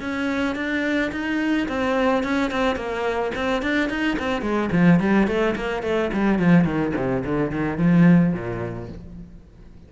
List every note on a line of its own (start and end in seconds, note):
0.00 0.55 C#4
0.55 1.11 D4
1.11 1.67 D#4
1.68 2.23 C4
2.23 2.51 C#4
2.51 2.76 C4
2.76 3.31 A#3
3.35 3.62 C4
3.62 3.89 D4
3.89 4.17 D#4
4.19 4.41 C4
4.41 4.69 G#3
4.72 4.99 F3
4.99 5.27 G3
5.27 5.55 A3
5.56 5.82 A#3
5.82 6.10 A3
6.13 6.39 G3
6.39 6.64 F3
6.64 6.92 D#3
6.96 7.23 C3
7.24 7.51 D3
7.51 7.78 D#3
7.78 8.33 F3
8.33 8.89 A#2